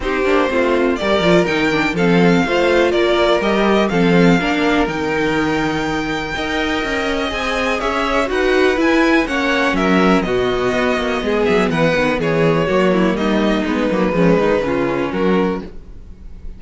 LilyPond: <<
  \new Staff \with { instrumentName = "violin" } { \time 4/4 \tempo 4 = 123 c''2 d''4 g''4 | f''2 d''4 dis''4 | f''2 g''2~ | g''2. gis''4 |
e''4 fis''4 gis''4 fis''4 | e''4 dis''2~ dis''8 e''8 | fis''4 cis''2 dis''4 | b'2. ais'4 | }
  \new Staff \with { instrumentName = "violin" } { \time 4/4 g'4 f'4 ais'2 | a'4 c''4 ais'2 | a'4 ais'2.~ | ais'4 dis''2. |
cis''4 b'2 cis''4 | ais'4 fis'2 gis'4 | b'4 gis'4 fis'8 e'8 dis'4~ | dis'4 cis'8 dis'8 f'4 fis'4 | }
  \new Staff \with { instrumentName = "viola" } { \time 4/4 dis'8 d'8 c'4 g'8 f'8 dis'8 d'8 | c'4 f'2 g'4 | c'4 d'4 dis'2~ | dis'4 ais'2 gis'4~ |
gis'4 fis'4 e'4 cis'4~ | cis'4 b2.~ | b2 ais2 | b8 ais8 gis4 cis'2 | }
  \new Staff \with { instrumentName = "cello" } { \time 4/4 c'8 ais8 a4 g8 f8 dis4 | f4 a4 ais4 g4 | f4 ais4 dis2~ | dis4 dis'4 cis'4 c'4 |
cis'4 dis'4 e'4 ais4 | fis4 b,4 b8 ais8 gis8 fis8 | e8 dis8 e4 fis4 g4 | gis8 fis8 f8 dis8 cis4 fis4 | }
>>